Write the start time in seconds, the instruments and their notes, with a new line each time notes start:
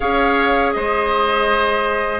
0.00 bassoon C#4, clarinet G#4, oboe C#5, flute F5
0.72 bassoon G#3, oboe C5, flute D#5